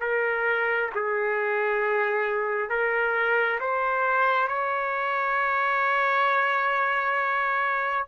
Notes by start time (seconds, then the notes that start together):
0.00 A#4
0.94 G#4
2.69 A#4
3.60 C5
4.48 C#5